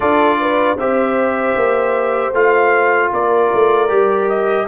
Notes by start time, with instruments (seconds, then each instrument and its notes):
0.00 tuba D4, trombone F4, horn A4, trumpet D5
0.40 horn B4
0.76 tuba C4, trombone G4, horn C5, trumpet E5
1.55 tuba A#3
2.33 tuba A3, trombone F4, trumpet F5
3.12 tuba A#3, horn A#4, trumpet D5
3.53 tuba A3
3.88 tuba G3, trombone G4
4.28 trumpet D#5